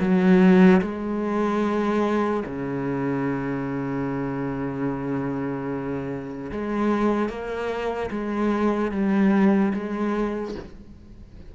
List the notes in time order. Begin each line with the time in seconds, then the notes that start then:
0.00 F#3
0.81 G#3
2.46 C#3
6.52 G#3
7.29 A#3
8.10 G#3
8.92 G3
9.74 G#3